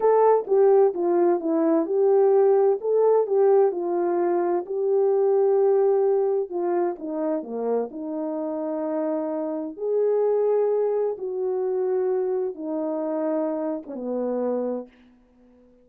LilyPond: \new Staff \with { instrumentName = "horn" } { \time 4/4 \tempo 4 = 129 a'4 g'4 f'4 e'4 | g'2 a'4 g'4 | f'2 g'2~ | g'2 f'4 dis'4 |
ais4 dis'2.~ | dis'4 gis'2. | fis'2. dis'4~ | dis'4.~ dis'16 cis'16 b2 | }